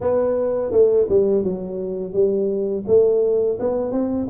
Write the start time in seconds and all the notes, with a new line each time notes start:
0.00 B3
0.71 A3
1.09 G3
1.43 F#3
2.13 G3
2.87 A3
3.59 B3
3.91 C4